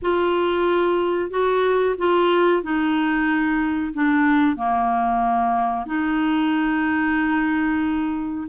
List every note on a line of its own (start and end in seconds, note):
0.02 1.30 F4
1.30 1.95 F#4
1.97 2.62 F4
2.62 3.93 D#4
3.93 4.56 D4
4.56 5.86 A#3
5.86 8.47 D#4